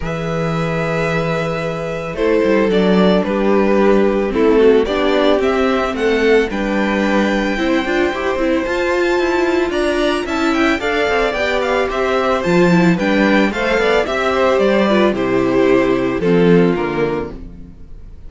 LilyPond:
<<
  \new Staff \with { instrumentName = "violin" } { \time 4/4 \tempo 4 = 111 e''1 | c''4 d''4 b'2 | a'4 d''4 e''4 fis''4 | g''1 |
a''2 ais''4 a''8 g''8 | f''4 g''8 f''8 e''4 a''4 | g''4 f''4 e''4 d''4 | c''2 a'4 ais'4 | }
  \new Staff \with { instrumentName = "violin" } { \time 4/4 b'1 | a'2 g'2 | e'8 fis'8 g'2 a'4 | b'2 c''2~ |
c''2 d''4 e''4 | d''2 c''2 | b'4 c''8 d''8 e''8 c''4 b'8 | g'2 f'2 | }
  \new Staff \with { instrumentName = "viola" } { \time 4/4 gis'1 | e'4 d'2. | c'4 d'4 c'2 | d'2 e'8 f'8 g'8 e'8 |
f'2. e'4 | a'4 g'2 f'8 e'8 | d'4 a'4 g'4. f'8 | e'2 c'4 ais4 | }
  \new Staff \with { instrumentName = "cello" } { \time 4/4 e1 | a8 g8 fis4 g2 | a4 b4 c'4 a4 | g2 c'8 d'8 e'8 c'8 |
f'4 e'4 d'4 cis'4 | d'8 c'8 b4 c'4 f4 | g4 a8 b8 c'4 g4 | c2 f4 d4 | }
>>